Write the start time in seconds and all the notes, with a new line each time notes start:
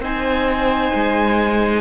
0.00 C4 D#4 C5 G#5
0.94 G#3